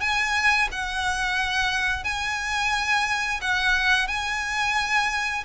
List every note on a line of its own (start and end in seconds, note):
0.00 0.68 G#5
0.71 2.04 F#5
2.04 3.40 G#5
3.41 4.08 F#5
4.08 5.44 G#5